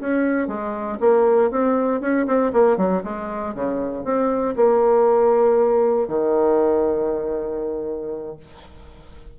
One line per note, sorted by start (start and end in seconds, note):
0.00 0.48 C#4
0.48 0.98 G#3
1.00 1.51 A#3
1.51 2.01 C4
2.01 2.26 C#4
2.27 2.52 C4
2.53 2.77 A#3
2.77 3.03 F#3
3.03 3.54 G#3
3.54 4.04 C#3
4.04 4.55 C4
4.56 6.08 A#3
6.08 8.36 D#3